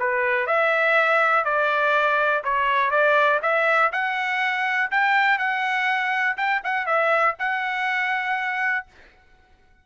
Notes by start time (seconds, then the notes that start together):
0.00 B4
0.47 E5
1.45 D5
2.44 C#5
2.91 D5
3.43 E5
3.93 F#5
4.92 G5
5.39 F#5
6.38 G5
6.64 F#5
6.87 E5
7.39 F#5